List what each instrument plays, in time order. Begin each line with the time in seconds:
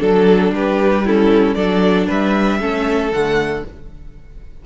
0.00 cello F#3, viola D4, violin A4
0.51 cello G3, violin G4 B4
1.05 viola C#4, violin E4 A4
1.55 cello F#3, viola D4, violin A4 D5
2.07 cello G3, violin B4 E5
2.60 cello A3, viola C#4, violin A4
3.12 cello D3, viola A3, violin F#5